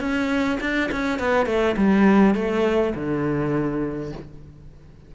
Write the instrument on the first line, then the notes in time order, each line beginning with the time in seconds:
cello
0.00 C#4
0.60 D4
0.92 C#4
1.19 B3
1.46 A3
1.77 G3
2.35 A3
2.95 D3